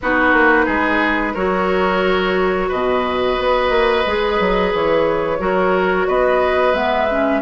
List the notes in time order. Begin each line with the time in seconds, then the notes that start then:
0.01 B3 D#4 F#4 B4
0.33 A#3
0.65 G#3 G#4
1.33 F#3 F#4 A#4 C#5
2.68 B2 B4 D#5
3.38 B3
3.69 A#3
4.06 G#3 G#4
4.39 F#3
4.74 E3 C#5
5.39 F#3 F#4 A#4
6.07 B3 B4 D#5
6.73 G#3 B3 E5
7.10 C#4